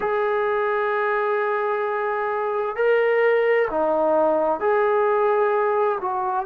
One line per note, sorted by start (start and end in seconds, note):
0.00 2.76 G#4
2.76 3.68 A#4
3.70 4.59 D#4
4.59 5.98 G#4
6.00 6.46 F#4